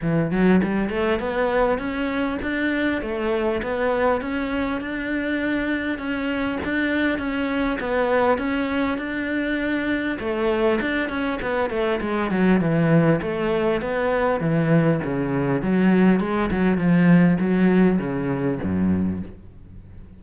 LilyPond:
\new Staff \with { instrumentName = "cello" } { \time 4/4 \tempo 4 = 100 e8 fis8 g8 a8 b4 cis'4 | d'4 a4 b4 cis'4 | d'2 cis'4 d'4 | cis'4 b4 cis'4 d'4~ |
d'4 a4 d'8 cis'8 b8 a8 | gis8 fis8 e4 a4 b4 | e4 cis4 fis4 gis8 fis8 | f4 fis4 cis4 fis,4 | }